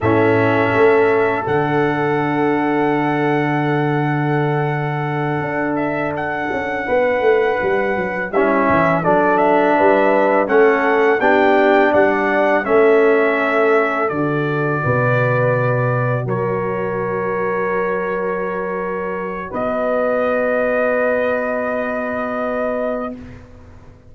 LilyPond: <<
  \new Staff \with { instrumentName = "trumpet" } { \time 4/4 \tempo 4 = 83 e''2 fis''2~ | fis''1 | e''8 fis''2. e''8~ | e''8 d''8 e''4. fis''4 g''8~ |
g''8 fis''4 e''2 d''8~ | d''2~ d''8 cis''4.~ | cis''2. dis''4~ | dis''1 | }
  \new Staff \with { instrumentName = "horn" } { \time 4/4 a'1~ | a'1~ | a'4. b'2 e'8~ | e'8 a'4 b'4 a'4 g'8~ |
g'8 d''4 a'2~ a'8~ | a'8 b'2 ais'4.~ | ais'2. b'4~ | b'1 | }
  \new Staff \with { instrumentName = "trombone" } { \time 4/4 cis'2 d'2~ | d'1~ | d'2.~ d'8 cis'8~ | cis'8 d'2 cis'4 d'8~ |
d'4. cis'2 fis'8~ | fis'1~ | fis'1~ | fis'1 | }
  \new Staff \with { instrumentName = "tuba" } { \time 4/4 a,4 a4 d2~ | d2.~ d8 d'8~ | d'4 cis'8 b8 a8 g8 fis8 g8 | e8 fis4 g4 a4 b8~ |
b8 g4 a2 d8~ | d8 b,2 fis4.~ | fis2. b4~ | b1 | }
>>